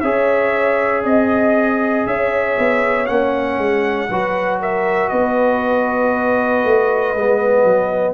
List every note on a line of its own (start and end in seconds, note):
0.00 1.04 C#4
0.00 3.07 G#4
0.00 1.04 C#5
0.00 1.02 E5
1.04 2.06 C4
1.04 2.06 D#5
1.04 2.07 D#5
2.06 2.57 C#4
2.06 4.10 C#5
2.06 3.06 E5
2.58 3.08 B3
3.06 3.58 A#3
3.06 4.08 C#4
3.06 4.59 F#5
3.58 4.08 G#3
4.10 5.11 F#3
4.10 7.16 F#4
4.10 4.60 B4
4.60 5.11 A#4
4.60 5.09 E5
5.09 6.64 B3
5.09 8.14 B4
5.09 8.14 D#5
6.64 7.14 A3
7.14 7.64 G#3
7.14 8.14 B3
7.64 8.14 F#3